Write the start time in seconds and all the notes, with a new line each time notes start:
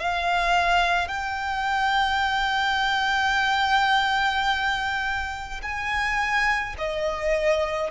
0.00 F5
1.09 G5
5.63 G#5
6.79 D#5